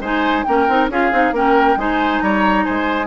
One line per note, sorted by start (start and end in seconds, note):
0.00 0.44 G#3
0.00 0.46 D#4
0.00 0.44 C5
0.00 0.44 G#5
0.44 0.68 A#3
0.44 0.67 C#4
0.44 0.91 A#4
0.44 0.87 G5
0.68 0.89 C4
0.68 0.90 D#4
0.89 1.11 C#4
0.89 1.11 F4
0.89 1.34 G#4
0.89 1.35 F5
1.11 1.31 C4
1.11 1.33 D#4
1.31 1.75 A#3
1.31 1.77 C#4
1.31 1.78 A#4
1.31 1.79 G5
1.76 2.20 G#3
1.76 3.06 D#4
1.76 2.23 C5
1.76 2.21 G#5
2.21 2.65 G3
2.21 2.65 C#5
2.21 2.64 A#5
2.64 3.06 G#3
2.64 3.06 C5
2.64 3.06 G#5